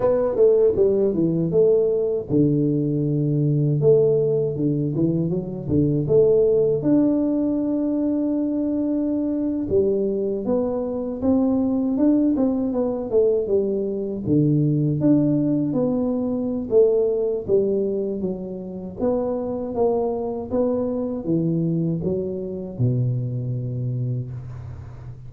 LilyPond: \new Staff \with { instrumentName = "tuba" } { \time 4/4 \tempo 4 = 79 b8 a8 g8 e8 a4 d4~ | d4 a4 d8 e8 fis8 d8 | a4 d'2.~ | d'8. g4 b4 c'4 d'16~ |
d'16 c'8 b8 a8 g4 d4 d'16~ | d'8. b4~ b16 a4 g4 | fis4 b4 ais4 b4 | e4 fis4 b,2 | }